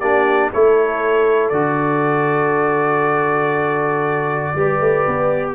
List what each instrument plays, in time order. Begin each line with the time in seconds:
0.00 tuba A#3, trombone D4, horn G4, trumpet D5
0.53 tuba A3, trombone E4, horn A4, trumpet C#5
1.49 tuba D3, trombone F#4, trumpet D5
4.56 tuba G3, trombone G4, horn B4
4.81 tuba A3
5.07 tuba B3